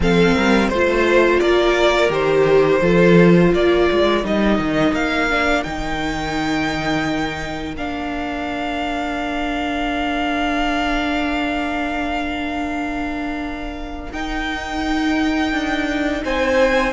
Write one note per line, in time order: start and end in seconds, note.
0.00 0.34 F3
0.00 0.71 C4
0.00 0.35 A4
0.00 0.69 F5
0.35 0.70 G3
0.35 0.68 A#4
0.68 1.40 A3
0.68 2.09 F4
0.68 1.39 C5
1.39 2.09 A#3
1.39 2.81 A#4
1.39 2.10 D5
2.09 2.79 D#3
2.09 2.79 G4
2.09 3.53 C5
2.81 3.52 F3
2.81 4.23 F4
2.81 3.50 A4
3.50 3.88 A#3
3.50 16.21 A#4
3.50 4.24 D5
3.91 4.24 G#3
4.23 4.59 G3
4.23 5.29 D#4
4.23 4.94 D#5
4.59 4.92 D#3
4.92 5.62 A#3
4.92 5.63 F5
5.30 5.64 D4
5.63 7.74 D#3
5.63 7.76 D#4
5.63 7.75 G5
7.74 14.09 A#3
7.74 14.12 D4
7.74 14.12 F5
14.12 15.52 D#4
14.12 16.93 D#4
14.12 16.24 G5
15.52 16.22 D4
16.24 16.93 C4
16.24 16.93 C5
16.24 16.93 G#5